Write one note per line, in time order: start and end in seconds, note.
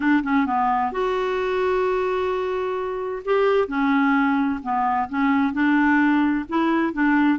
0.00 0.23 D4
0.23 0.46 C#4
0.46 0.91 B3
0.91 3.22 F#4
3.24 3.68 G4
3.68 4.60 C#4
4.62 5.08 B3
5.09 5.53 C#4
5.53 6.45 D4
6.48 6.93 E4
6.93 7.38 D4